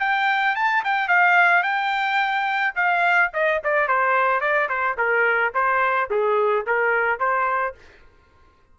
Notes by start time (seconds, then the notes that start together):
0.00 G5
0.56 A5
0.85 G5
1.09 F5
1.64 G5
2.76 F5
3.34 D#5
3.64 D5
3.88 C5
4.41 D5
4.69 C5
4.98 A#4
5.54 C5
6.11 G#4
6.67 A#4
7.20 C5